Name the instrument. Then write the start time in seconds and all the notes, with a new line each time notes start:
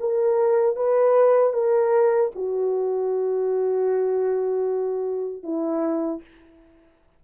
horn
0.00 A#4
0.76 B4
1.53 A#4
2.35 F#4
5.43 E4